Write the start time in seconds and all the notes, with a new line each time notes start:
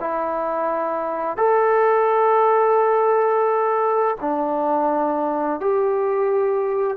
0.00 E4
1.37 A4
4.20 D4
5.60 G4